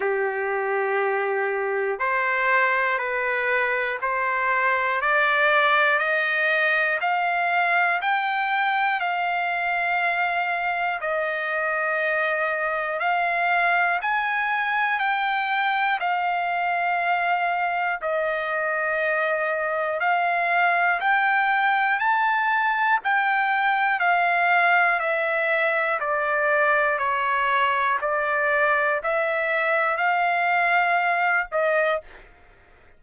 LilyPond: \new Staff \with { instrumentName = "trumpet" } { \time 4/4 \tempo 4 = 60 g'2 c''4 b'4 | c''4 d''4 dis''4 f''4 | g''4 f''2 dis''4~ | dis''4 f''4 gis''4 g''4 |
f''2 dis''2 | f''4 g''4 a''4 g''4 | f''4 e''4 d''4 cis''4 | d''4 e''4 f''4. dis''8 | }